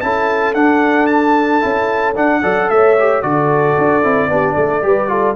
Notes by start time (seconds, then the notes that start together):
0.00 C#4 E4 A4 A5
0.54 D4 F#5
1.06 A5
1.60 C#4 E4
2.15 D4 F#5
2.41 F#3 A4 D5
2.70 A3 C#5 E5
2.99 G4
3.22 D3 F#4 A4 D5
3.78 D4
4.03 C4 E4
4.28 B3 D4 G4
4.54 A3 A4
4.82 G3 G4 B4
5.08 F4 A4